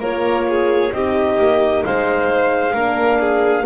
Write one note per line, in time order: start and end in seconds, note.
0.00 0.91 A#3
0.00 0.93 F4
0.00 0.46 A#4
0.00 0.93 C#5
0.49 0.94 G#4
0.93 1.38 C4
0.93 2.75 D#4
0.93 1.85 G4
0.93 1.84 D#5
1.38 1.84 A#3
1.85 2.74 G#3
1.85 2.73 C5
1.85 3.66 F5
2.73 3.65 A#3
2.73 3.66 D4
2.73 3.19 A#4
3.20 3.65 G#4